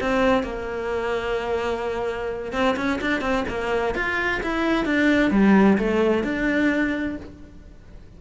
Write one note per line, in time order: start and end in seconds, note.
0.00 0.43 C4
0.43 2.52 A#3
2.52 2.75 C4
2.76 2.99 C#4
3.01 3.21 D4
3.21 3.44 C4
3.48 3.95 A#3
3.95 4.41 F4
4.43 4.85 E4
4.85 5.31 D4
5.31 5.77 G3
5.78 6.23 A3
6.23 7.16 D4